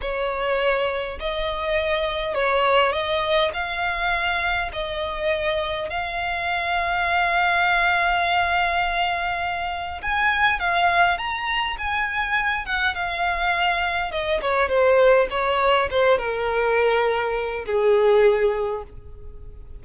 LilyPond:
\new Staff \with { instrumentName = "violin" } { \time 4/4 \tempo 4 = 102 cis''2 dis''2 | cis''4 dis''4 f''2 | dis''2 f''2~ | f''1~ |
f''4 gis''4 f''4 ais''4 | gis''4. fis''8 f''2 | dis''8 cis''8 c''4 cis''4 c''8 ais'8~ | ais'2 gis'2 | }